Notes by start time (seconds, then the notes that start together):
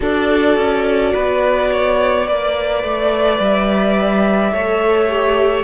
0.00 D4 F#4 A4 D5
0.57 C#4
1.12 B3 B4
1.71 C#5
2.25 A#3 B4 D5
2.83 A3
3.39 G3 E5
4.52 A3 A4 C#5
5.08 G4